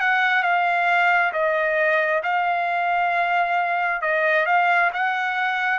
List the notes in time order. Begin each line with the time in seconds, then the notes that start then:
0.00 F#5
0.43 F5
1.33 D#5
2.23 F5
4.02 D#5
4.46 F5
4.93 F#5